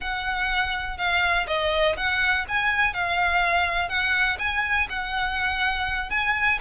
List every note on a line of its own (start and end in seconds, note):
0.00 0.97 F#5
0.97 1.46 F5
1.47 1.95 D#5
1.96 2.45 F#5
2.48 2.93 G#5
2.93 3.88 F5
3.88 4.37 F#5
4.38 4.87 G#5
4.89 6.10 F#5
6.10 6.58 G#5